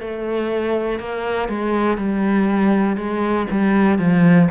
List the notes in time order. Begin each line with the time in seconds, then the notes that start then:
0.00 A3
1.00 A#3
1.49 G#3
1.97 G3
2.97 G#3
3.51 G3
3.99 F3